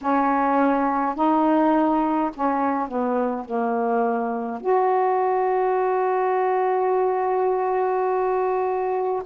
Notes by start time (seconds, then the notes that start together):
0.01 C#4
1.15 D#4
2.33 C#4
2.87 B3
3.45 A#3
4.60 F#4